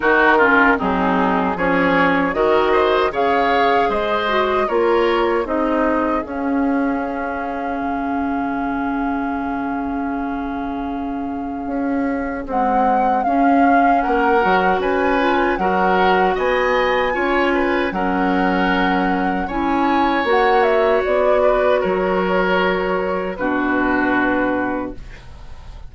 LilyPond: <<
  \new Staff \with { instrumentName = "flute" } { \time 4/4 \tempo 4 = 77 ais'4 gis'4 cis''4 dis''4 | f''4 dis''4 cis''4 dis''4 | f''1~ | f''1 |
fis''4 f''4 fis''4 gis''4 | fis''4 gis''2 fis''4~ | fis''4 gis''4 fis''8 e''8 d''4 | cis''2 b'2 | }
  \new Staff \with { instrumentName = "oboe" } { \time 4/4 fis'8 f'8 dis'4 gis'4 ais'8 c''8 | cis''4 c''4 ais'4 gis'4~ | gis'1~ | gis'1~ |
gis'2 ais'4 b'4 | ais'4 dis''4 cis''8 b'8 ais'4~ | ais'4 cis''2~ cis''8 b'8 | ais'2 fis'2 | }
  \new Staff \with { instrumentName = "clarinet" } { \time 4/4 dis'8 cis'8 c'4 cis'4 fis'4 | gis'4. fis'8 f'4 dis'4 | cis'1~ | cis'1 |
gis4 cis'4. fis'4 f'8 | fis'2 f'4 cis'4~ | cis'4 e'4 fis'2~ | fis'2 d'2 | }
  \new Staff \with { instrumentName = "bassoon" } { \time 4/4 dis4 fis4 f4 dis4 | cis4 gis4 ais4 c'4 | cis'2 cis2~ | cis2. cis'4 |
c'4 cis'4 ais8 fis8 cis'4 | fis4 b4 cis'4 fis4~ | fis4 cis'4 ais4 b4 | fis2 b,2 | }
>>